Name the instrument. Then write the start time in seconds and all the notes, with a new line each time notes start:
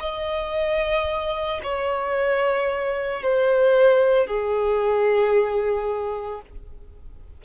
violin
0.00 D#5
1.63 C#5
3.23 C5
4.27 G#4